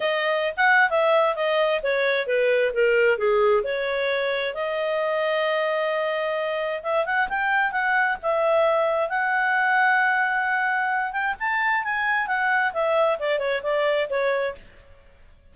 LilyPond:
\new Staff \with { instrumentName = "clarinet" } { \time 4/4 \tempo 4 = 132 dis''4~ dis''16 fis''8. e''4 dis''4 | cis''4 b'4 ais'4 gis'4 | cis''2 dis''2~ | dis''2. e''8 fis''8 |
g''4 fis''4 e''2 | fis''1~ | fis''8 g''8 a''4 gis''4 fis''4 | e''4 d''8 cis''8 d''4 cis''4 | }